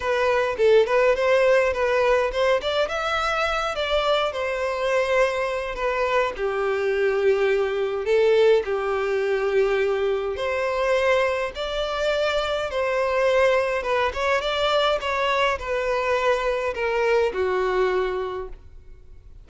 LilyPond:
\new Staff \with { instrumentName = "violin" } { \time 4/4 \tempo 4 = 104 b'4 a'8 b'8 c''4 b'4 | c''8 d''8 e''4. d''4 c''8~ | c''2 b'4 g'4~ | g'2 a'4 g'4~ |
g'2 c''2 | d''2 c''2 | b'8 cis''8 d''4 cis''4 b'4~ | b'4 ais'4 fis'2 | }